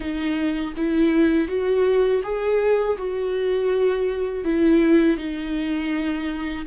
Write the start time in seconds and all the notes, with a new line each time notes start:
0.00 D#4
0.76 E4
1.47 F#4
2.23 G#4
2.97 F#4
4.44 E4
5.17 D#4